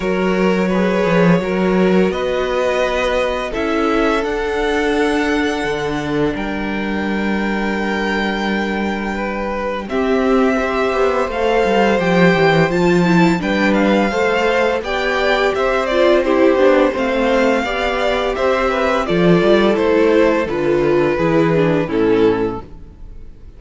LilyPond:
<<
  \new Staff \with { instrumentName = "violin" } { \time 4/4 \tempo 4 = 85 cis''2. dis''4~ | dis''4 e''4 fis''2~ | fis''4 g''2.~ | g''2 e''2 |
f''4 g''4 a''4 g''8 f''8~ | f''4 g''4 e''8 d''8 c''4 | f''2 e''4 d''4 | c''4 b'2 a'4 | }
  \new Staff \with { instrumentName = "violin" } { \time 4/4 ais'4 b'4 ais'4 b'4~ | b'4 a'2.~ | a'4 ais'2.~ | ais'4 b'4 g'4 c''4~ |
c''2. b'4 | c''4 d''4 c''4 g'4 | c''4 d''4 c''8 b'8 a'4~ | a'2 gis'4 e'4 | }
  \new Staff \with { instrumentName = "viola" } { \time 4/4 fis'4 gis'4 fis'2~ | fis'4 e'4 d'2~ | d'1~ | d'2 c'4 g'4 |
a'4 g'4 f'8 e'8 d'4 | a'4 g'4. f'8 e'8 d'8 | c'4 g'2 f'4 | e'4 f'4 e'8 d'8 cis'4 | }
  \new Staff \with { instrumentName = "cello" } { \time 4/4 fis4. f8 fis4 b4~ | b4 cis'4 d'2 | d4 g2.~ | g2 c'4. b8 |
a8 g8 f8 e8 f4 g4 | a4 b4 c'4. b8 | a4 b4 c'4 f8 g8 | a4 d4 e4 a,4 | }
>>